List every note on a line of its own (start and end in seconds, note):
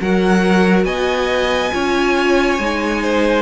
0.00 0.84 F#3
0.00 1.71 F#4
0.00 0.86 A#4
0.00 0.84 F#5
0.84 1.71 B3
0.84 1.72 D#5
0.84 3.42 G#5
1.71 2.59 C#4
1.71 2.58 F4
1.71 3.02 C#5
2.59 3.42 G#3
2.59 3.42 D#4
3.02 3.42 C5